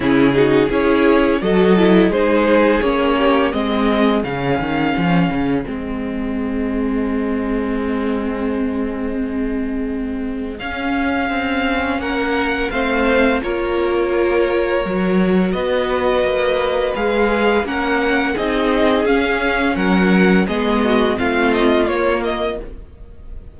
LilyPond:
<<
  \new Staff \with { instrumentName = "violin" } { \time 4/4 \tempo 4 = 85 gis'4 cis''4 dis''4 c''4 | cis''4 dis''4 f''2 | dis''1~ | dis''2. f''4~ |
f''4 fis''4 f''4 cis''4~ | cis''2 dis''2 | f''4 fis''4 dis''4 f''4 | fis''4 dis''4 f''8 dis''8 cis''8 dis''8 | }
  \new Staff \with { instrumentName = "violin" } { \time 4/4 e'8 fis'8 gis'4 a'4 gis'4~ | gis'8 g'8 gis'2.~ | gis'1~ | gis'1~ |
gis'4 ais'4 c''4 ais'4~ | ais'2 b'2~ | b'4 ais'4 gis'2 | ais'4 gis'8 fis'8 f'2 | }
  \new Staff \with { instrumentName = "viola" } { \time 4/4 cis'8 dis'8 e'4 fis'8 e'8 dis'4 | cis'4 c'4 cis'2 | c'1~ | c'2. cis'4~ |
cis'2 c'4 f'4~ | f'4 fis'2. | gis'4 cis'4 dis'4 cis'4~ | cis'4 b4 c'4 ais4 | }
  \new Staff \with { instrumentName = "cello" } { \time 4/4 cis4 cis'4 fis4 gis4 | ais4 gis4 cis8 dis8 f8 cis8 | gis1~ | gis2. cis'4 |
c'4 ais4 a4 ais4~ | ais4 fis4 b4 ais4 | gis4 ais4 c'4 cis'4 | fis4 gis4 a4 ais4 | }
>>